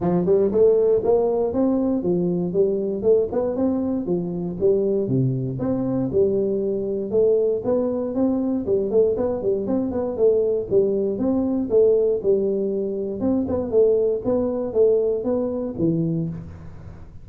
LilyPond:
\new Staff \with { instrumentName = "tuba" } { \time 4/4 \tempo 4 = 118 f8 g8 a4 ais4 c'4 | f4 g4 a8 b8 c'4 | f4 g4 c4 c'4 | g2 a4 b4 |
c'4 g8 a8 b8 g8 c'8 b8 | a4 g4 c'4 a4 | g2 c'8 b8 a4 | b4 a4 b4 e4 | }